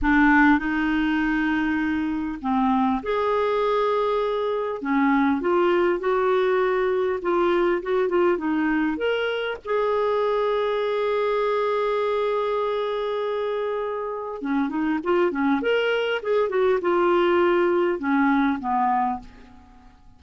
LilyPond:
\new Staff \with { instrumentName = "clarinet" } { \time 4/4 \tempo 4 = 100 d'4 dis'2. | c'4 gis'2. | cis'4 f'4 fis'2 | f'4 fis'8 f'8 dis'4 ais'4 |
gis'1~ | gis'1 | cis'8 dis'8 f'8 cis'8 ais'4 gis'8 fis'8 | f'2 cis'4 b4 | }